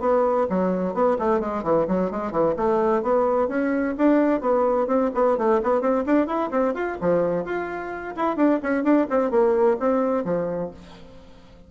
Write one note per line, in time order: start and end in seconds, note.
0.00 0.47 B3
0.49 0.94 F#3
0.94 1.17 B3
1.19 1.40 A3
1.40 1.63 G#3
1.63 1.86 E3
1.87 2.11 F#3
2.11 2.32 G#3
2.32 2.55 E3
2.56 3.02 A3
3.02 3.48 B3
3.48 3.95 C#4
3.97 4.41 D4
4.41 4.87 B3
4.87 5.10 C4
5.14 5.37 B3
5.37 5.60 A3
5.63 5.81 B3
5.81 6.04 C4
6.06 6.27 D4
6.27 6.50 E4
6.51 6.74 C4
6.74 6.97 F4
7.01 7.45 F3
7.45 8.15 F4
8.16 8.36 E4
8.36 8.59 D4
8.63 8.83 C#4
8.83 9.07 D4
9.10 9.31 C4
9.31 9.77 A#3
9.79 10.24 C4
10.24 10.71 F3